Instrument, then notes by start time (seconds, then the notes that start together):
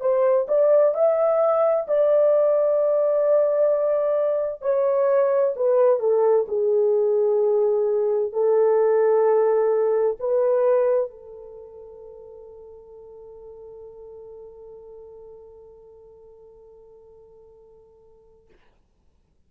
horn
0.00 C5
0.48 D5
0.94 E5
1.87 D5
4.61 C#5
5.56 B4
5.99 A4
6.48 G#4
8.32 A4
10.20 B4
11.10 A4